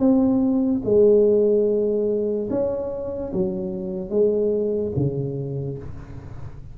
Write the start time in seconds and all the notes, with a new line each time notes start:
0.00 C4
0.85 G#3
2.51 C#4
3.34 F#3
4.10 G#3
4.97 C#3